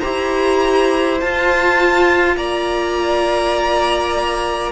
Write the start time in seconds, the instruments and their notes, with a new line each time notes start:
0.00 cello E4, viola G4, violin C5 A#5
1.20 viola F4, cello F4, violin A5
2.37 cello A#3, violin D5 A#5